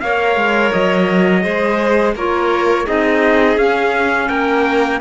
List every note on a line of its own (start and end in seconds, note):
0.00 0.36 A#3
0.00 1.42 A#4
0.00 1.43 C#5
0.00 0.71 F5
0.36 0.72 G#3
0.72 1.45 F#3
0.72 2.15 D#5
1.42 2.15 G#3
1.42 2.14 G#4
1.42 2.14 C5
2.15 2.86 A#3
2.15 2.86 F4
2.15 2.85 A#4
2.15 2.87 C#5
2.85 3.57 C4
2.85 3.57 D#4
2.85 4.28 G#4
2.85 3.58 D#5
3.57 4.29 C#4
3.57 5.01 C#4
3.57 4.28 F5
4.28 5.01 A#3
4.28 5.00 A#4
4.28 5.00 G5